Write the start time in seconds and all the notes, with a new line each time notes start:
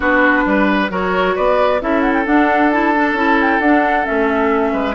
0.00 B3 D4 F#4 B4
0.45 G3 B4
0.89 F#3 F#4 A#4 C#5
1.35 B3 B4 D5
1.81 C#4 E4 A4 E5
2.01 F#5
2.13 G5
2.25 D4 F#5
2.70 E4 A5
2.95 D4
3.12 C#4 E4
3.41 G5
3.60 D4 F#5
4.04 A3 C#4 E5
4.72 G#3 B4